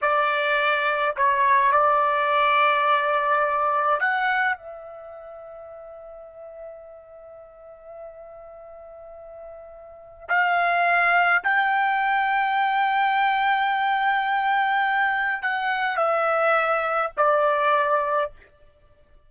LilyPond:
\new Staff \with { instrumentName = "trumpet" } { \time 4/4 \tempo 4 = 105 d''2 cis''4 d''4~ | d''2. fis''4 | e''1~ | e''1~ |
e''2 f''2 | g''1~ | g''2. fis''4 | e''2 d''2 | }